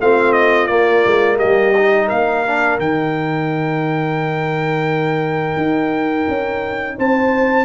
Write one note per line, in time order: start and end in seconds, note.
0.00 0.69 A3
0.00 0.68 C4
0.00 1.36 F4
0.00 0.32 F5
0.32 0.66 D#5
0.66 1.73 A#3
0.66 1.04 A#3
0.66 1.36 D5
1.05 1.40 G#3
1.36 2.06 G4
1.36 2.08 D#5
1.44 2.11 G3
1.77 2.46 D#4
2.07 2.78 A#3
2.07 6.96 A#4
2.07 2.78 F5
2.46 2.80 D4
2.78 5.56 D#3
2.78 7.65 D#4
2.78 6.98 G5
5.56 6.26 D#4
6.28 6.98 C#4
6.97 7.65 C4
6.97 7.65 C5
6.97 7.65 A5